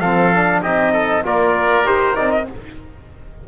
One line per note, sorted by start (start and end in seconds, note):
0.00 0.61 F3
0.00 0.34 C4
0.00 0.61 A4
0.00 0.61 F5
0.34 0.64 D4
0.62 1.24 C4
0.62 1.23 D#4
0.62 0.92 G4
0.62 1.24 D#5
0.92 1.23 A4
1.23 1.85 A#3
1.23 1.84 F4
1.23 2.48 A#4
1.23 1.87 D5
1.84 2.16 D#4
1.84 2.14 G4
1.84 2.16 C5
2.14 2.48 C4
2.14 2.45 D#4
2.14 2.30 D5
2.30 2.46 D#5